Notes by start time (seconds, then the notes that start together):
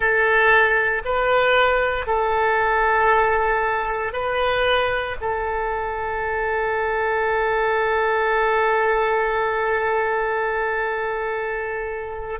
0.00 A4
1.04 B4
2.06 A4
4.12 B4
5.20 A4